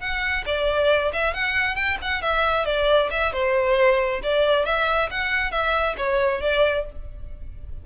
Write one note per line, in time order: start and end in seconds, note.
0.00 0.44 F#5
0.46 1.12 D5
1.13 1.34 E5
1.34 1.75 F#5
1.75 1.97 G5
2.02 2.22 F#5
2.22 2.66 E5
2.66 3.10 D5
3.11 3.32 E5
3.32 4.21 C5
4.23 4.65 D5
4.65 5.09 E5
5.11 5.51 F#5
5.51 5.95 E5
5.97 6.41 C#5
6.41 6.85 D5